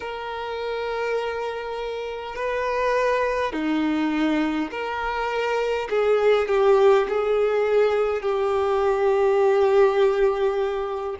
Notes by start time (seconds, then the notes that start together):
0.00 A#4
2.35 B4
3.52 D#4
4.71 A#4
5.89 G#4
6.48 G4
7.09 G#4
8.21 G4